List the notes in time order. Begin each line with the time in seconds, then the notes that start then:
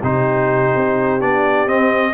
0.00 C3 D#4 G4 C5
0.76 C4
1.20 B3 D4 D5
1.66 C4 D#5